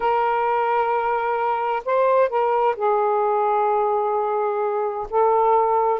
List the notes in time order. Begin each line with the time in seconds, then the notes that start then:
0.00 A#4
1.85 C5
2.29 A#4
2.76 G#4
5.09 A4